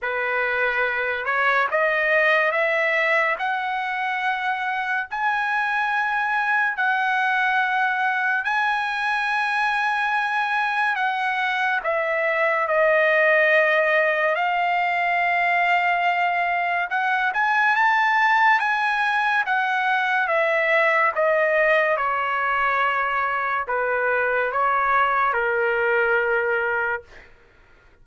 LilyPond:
\new Staff \with { instrumentName = "trumpet" } { \time 4/4 \tempo 4 = 71 b'4. cis''8 dis''4 e''4 | fis''2 gis''2 | fis''2 gis''2~ | gis''4 fis''4 e''4 dis''4~ |
dis''4 f''2. | fis''8 gis''8 a''4 gis''4 fis''4 | e''4 dis''4 cis''2 | b'4 cis''4 ais'2 | }